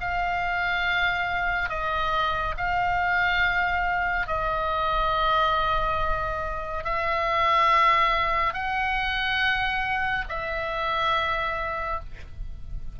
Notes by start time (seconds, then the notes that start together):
0.00 F5
1.69 D#5
2.57 F5
4.27 D#5
6.84 E5
8.53 F#5
10.28 E5